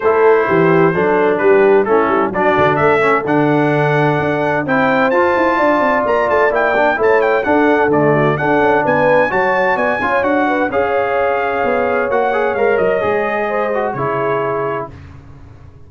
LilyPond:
<<
  \new Staff \with { instrumentName = "trumpet" } { \time 4/4 \tempo 4 = 129 c''2. b'4 | a'4 d''4 e''4 fis''4~ | fis''2 g''4 a''4~ | a''4 ais''8 a''8 g''4 a''8 g''8 |
fis''4 d''4 fis''4 gis''4 | a''4 gis''4 fis''4 f''4~ | f''2 fis''4 f''8 dis''8~ | dis''2 cis''2 | }
  \new Staff \with { instrumentName = "horn" } { \time 4/4 a'4 g'4 a'4 g'4 | e'4 fis'4 a'2~ | a'2 c''2 | d''2. cis''4 |
a'4. fis'8 a'4 b'4 | cis''4 d''8 cis''4 b'8 cis''4~ | cis''1~ | cis''4 c''4 gis'2 | }
  \new Staff \with { instrumentName = "trombone" } { \time 4/4 e'2 d'2 | cis'4 d'4. cis'8 d'4~ | d'2 e'4 f'4~ | f'2 e'8 d'8 e'4 |
d'4 a4 d'2 | fis'4. f'8 fis'4 gis'4~ | gis'2 fis'8 gis'8 ais'4 | gis'4. fis'8 e'2 | }
  \new Staff \with { instrumentName = "tuba" } { \time 4/4 a4 e4 fis4 g4 | a8 g8 fis8 d8 a4 d4~ | d4 d'4 c'4 f'8 e'8 | d'8 c'8 ais8 a8 ais4 a4 |
d'4 d4 d'8 cis'8 b4 | fis4 b8 cis'8 d'4 cis'4~ | cis'4 b4 ais4 gis8 fis8 | gis2 cis2 | }
>>